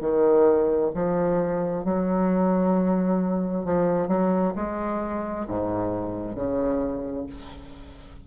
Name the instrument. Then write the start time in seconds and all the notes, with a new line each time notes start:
bassoon
0.00 D#3
0.94 F3
1.84 F#3
3.64 F3
4.07 F#3
4.55 G#3
5.48 G#2
6.35 C#3